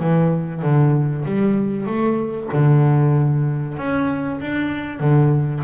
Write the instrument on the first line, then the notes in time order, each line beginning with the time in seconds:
double bass
0.00 E3
0.62 D3
1.25 G3
1.87 A3
2.53 D3
3.78 C#4
4.41 D4
5.00 D3